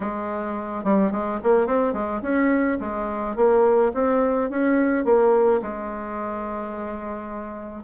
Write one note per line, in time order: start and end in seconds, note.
0.00 0.84 G#3
0.84 1.11 G3
1.11 1.39 G#3
1.43 1.66 A#3
1.66 1.93 C4
1.93 2.21 G#3
2.21 2.78 C#4
2.79 3.35 G#3
3.35 3.92 A#3
3.94 4.50 C4
4.50 5.04 C#4
5.04 5.60 A#3
5.62 7.83 G#3